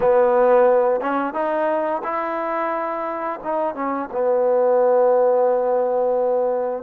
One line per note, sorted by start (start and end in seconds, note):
0.00 1.00 B3
1.00 1.33 C#4
1.33 2.01 D#4
2.03 3.40 E4
3.43 3.75 D#4
3.75 4.09 C#4
4.12 6.83 B3